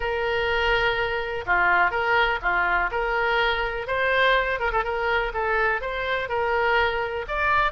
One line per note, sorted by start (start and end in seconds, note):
0.00 1.45 A#4
1.46 1.90 F4
1.90 2.39 A#4
2.42 2.90 F4
2.91 3.87 A#4
3.87 4.59 C5
4.59 4.71 A#4
4.72 4.84 A4
4.84 5.32 A#4
5.33 5.81 A4
5.81 6.28 C5
6.28 7.25 A#4
7.28 7.72 D5